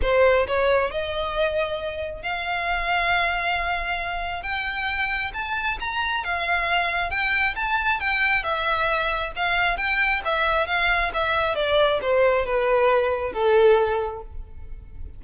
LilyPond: \new Staff \with { instrumentName = "violin" } { \time 4/4 \tempo 4 = 135 c''4 cis''4 dis''2~ | dis''4 f''2.~ | f''2 g''2 | a''4 ais''4 f''2 |
g''4 a''4 g''4 e''4~ | e''4 f''4 g''4 e''4 | f''4 e''4 d''4 c''4 | b'2 a'2 | }